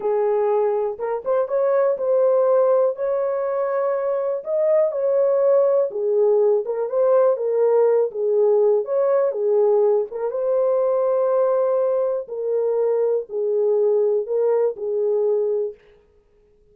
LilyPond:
\new Staff \with { instrumentName = "horn" } { \time 4/4 \tempo 4 = 122 gis'2 ais'8 c''8 cis''4 | c''2 cis''2~ | cis''4 dis''4 cis''2 | gis'4. ais'8 c''4 ais'4~ |
ais'8 gis'4. cis''4 gis'4~ | gis'8 ais'8 c''2.~ | c''4 ais'2 gis'4~ | gis'4 ais'4 gis'2 | }